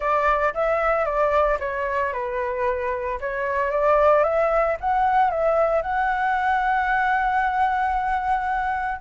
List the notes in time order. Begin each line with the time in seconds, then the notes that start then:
0.00 D5
0.54 E5
1.05 D5
1.59 C#5
2.12 B4
3.20 C#5
3.70 D5
4.23 E5
4.80 F#5
5.30 E5
5.82 F#5